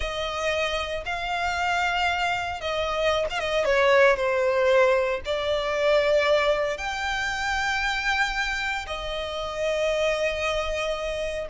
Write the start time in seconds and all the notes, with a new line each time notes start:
0.00 D#5
1.05 F5
2.60 D#5
3.30 F5
3.39 D#5
3.64 C#5
4.16 C5
5.25 D5
6.77 G5
8.86 D#5